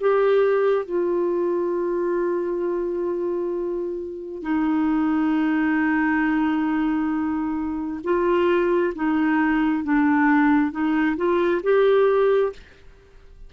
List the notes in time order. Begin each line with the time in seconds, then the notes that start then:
0.00 G4
0.85 F4
4.42 D#4
8.04 F4
8.95 D#4
9.83 D4
10.71 D#4
11.17 F4
11.63 G4